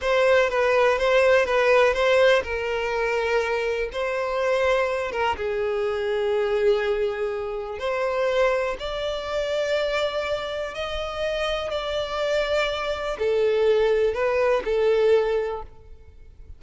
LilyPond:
\new Staff \with { instrumentName = "violin" } { \time 4/4 \tempo 4 = 123 c''4 b'4 c''4 b'4 | c''4 ais'2. | c''2~ c''8 ais'8 gis'4~ | gis'1 |
c''2 d''2~ | d''2 dis''2 | d''2. a'4~ | a'4 b'4 a'2 | }